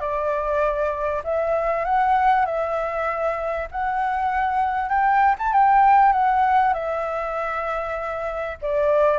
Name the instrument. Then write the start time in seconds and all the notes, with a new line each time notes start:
flute
0.00 D5
1.24 E5
1.85 F#5
2.46 E5
3.71 F#5
4.89 G5
5.38 A5
5.53 G5
6.13 F#5
6.74 E5
8.62 D5